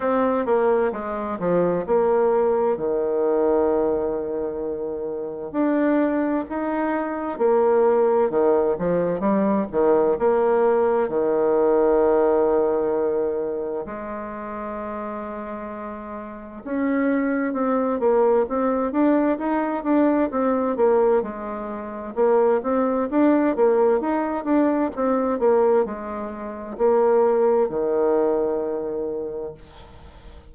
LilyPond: \new Staff \with { instrumentName = "bassoon" } { \time 4/4 \tempo 4 = 65 c'8 ais8 gis8 f8 ais4 dis4~ | dis2 d'4 dis'4 | ais4 dis8 f8 g8 dis8 ais4 | dis2. gis4~ |
gis2 cis'4 c'8 ais8 | c'8 d'8 dis'8 d'8 c'8 ais8 gis4 | ais8 c'8 d'8 ais8 dis'8 d'8 c'8 ais8 | gis4 ais4 dis2 | }